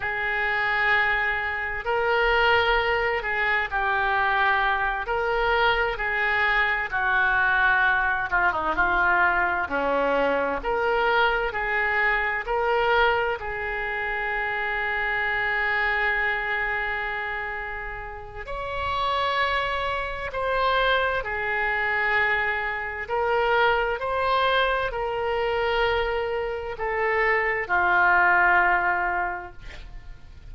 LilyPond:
\new Staff \with { instrumentName = "oboe" } { \time 4/4 \tempo 4 = 65 gis'2 ais'4. gis'8 | g'4. ais'4 gis'4 fis'8~ | fis'4 f'16 dis'16 f'4 cis'4 ais'8~ | ais'8 gis'4 ais'4 gis'4.~ |
gis'1 | cis''2 c''4 gis'4~ | gis'4 ais'4 c''4 ais'4~ | ais'4 a'4 f'2 | }